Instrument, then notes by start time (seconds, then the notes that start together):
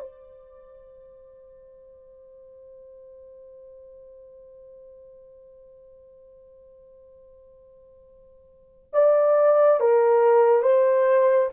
horn
0.00 C5
8.93 D5
9.80 A#4
10.62 C5